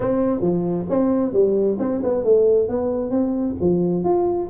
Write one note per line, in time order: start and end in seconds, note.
0.00 0.41 C4
0.41 0.85 F3
0.89 1.32 C4
1.32 1.77 G3
1.79 2.01 C4
2.03 2.24 B3
2.24 2.68 A3
2.68 3.10 B3
3.10 3.55 C4
3.60 4.04 F3
4.04 4.48 F4